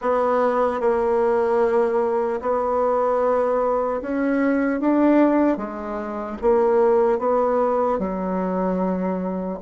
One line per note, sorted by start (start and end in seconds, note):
0.01 0.80 B3
0.80 2.40 A#3
2.41 4.01 B3
4.01 4.80 C#4
4.80 5.57 D4
5.57 6.37 G#3
6.41 7.19 A#3
7.19 7.99 B3
7.99 9.59 F#3